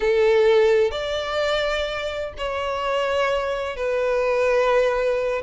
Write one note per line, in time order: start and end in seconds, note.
0.00 0.91 A4
0.91 2.33 D5
2.37 3.76 C#5
3.76 5.42 B4